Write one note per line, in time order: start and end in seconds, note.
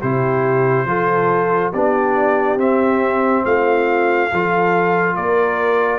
0.00 0.85 C3
0.00 0.87 E4
0.00 0.86 G4
0.00 1.73 C5
0.85 1.71 F3
0.85 1.73 F4
0.85 1.73 A4
1.73 2.57 B3
1.73 2.58 D4
1.73 3.45 G4
1.73 2.59 D5
2.57 3.42 C4
2.57 4.30 C4
2.57 3.45 E5
3.45 4.31 A3
3.45 4.31 F4
3.45 5.16 F5
4.31 5.16 F3
4.31 5.99 F4
4.31 5.15 A4
5.15 5.99 A#3
5.15 5.99 A#4
5.15 5.99 D5